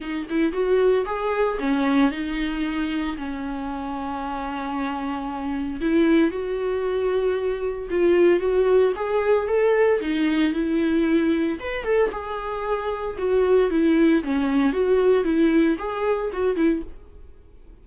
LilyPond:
\new Staff \with { instrumentName = "viola" } { \time 4/4 \tempo 4 = 114 dis'8 e'8 fis'4 gis'4 cis'4 | dis'2 cis'2~ | cis'2. e'4 | fis'2. f'4 |
fis'4 gis'4 a'4 dis'4 | e'2 b'8 a'8 gis'4~ | gis'4 fis'4 e'4 cis'4 | fis'4 e'4 gis'4 fis'8 e'8 | }